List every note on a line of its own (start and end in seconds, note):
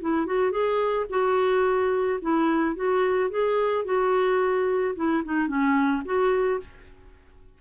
0.00 0.26 E4
0.26 0.51 F#4
0.51 1.06 G#4
1.09 2.19 F#4
2.21 2.75 E4
2.75 3.30 F#4
3.30 3.85 G#4
3.85 4.95 F#4
4.95 5.23 E4
5.24 5.47 D#4
5.47 6.02 C#4
6.05 6.60 F#4